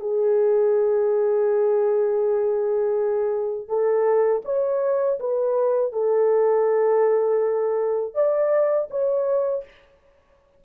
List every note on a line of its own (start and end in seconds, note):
0.00 3.68 G#4
3.68 4.42 A4
4.45 5.19 C#5
5.20 5.93 B4
5.93 8.15 A4
8.15 8.89 D5
8.91 9.65 C#5